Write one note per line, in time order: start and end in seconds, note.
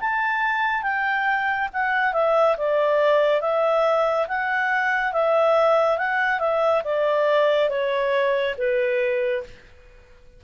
0.00 0.83 A5
0.83 1.68 G5
1.73 2.13 F#5
2.13 2.56 E5
2.57 3.41 D5
3.41 4.27 E5
4.27 5.12 F#5
5.12 5.98 E5
5.98 6.39 F#5
6.39 6.82 E5
6.84 7.69 D5
7.69 8.55 C#5
8.58 9.43 B4